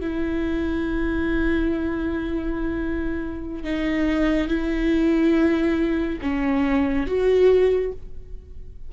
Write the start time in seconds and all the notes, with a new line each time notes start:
0.00 E4
3.64 D#4
4.48 E4
6.21 C#4
7.06 F#4